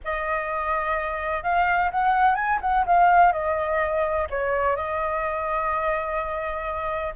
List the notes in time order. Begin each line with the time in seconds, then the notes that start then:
0.04 D#5
1.43 F5
1.91 F#5
2.35 G#5
2.61 F#5
2.85 F5
3.32 D#5
4.30 C#5
4.76 D#5